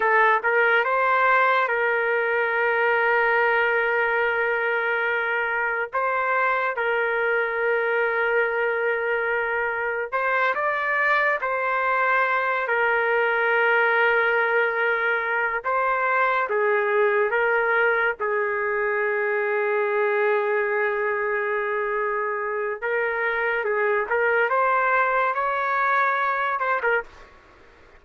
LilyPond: \new Staff \with { instrumentName = "trumpet" } { \time 4/4 \tempo 4 = 71 a'8 ais'8 c''4 ais'2~ | ais'2. c''4 | ais'1 | c''8 d''4 c''4. ais'4~ |
ais'2~ ais'8 c''4 gis'8~ | gis'8 ais'4 gis'2~ gis'8~ | gis'2. ais'4 | gis'8 ais'8 c''4 cis''4. c''16 ais'16 | }